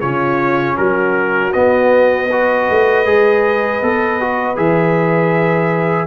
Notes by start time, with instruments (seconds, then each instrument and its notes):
0.00 tuba C#3, trombone C#4, horn F4, trumpet C#5
0.77 tuba F#3, horn F#4, trumpet A#4
1.52 trombone B3, tuba B3, trumpet D#5
2.28 trombone F#4, horn B4
2.70 tuba A3
3.05 tuba G#3, trombone G#4
3.81 tuba B3, trombone A4
4.20 trombone F#4
4.56 tuba E3, trombone G#4, trumpet E5